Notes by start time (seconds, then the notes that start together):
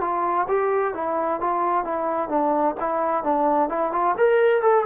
0.00 F4
0.47 G4
0.94 E4
1.40 F4
1.84 E4
2.29 D4
2.80 E4
3.23 D4
3.69 E4
3.91 F4
4.17 A#4
4.61 A4